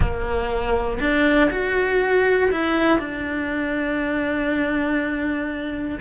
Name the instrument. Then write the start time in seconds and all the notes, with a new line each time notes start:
cello
0.00 A#3
1.00 D4
1.50 F#4
2.51 E4
2.98 D4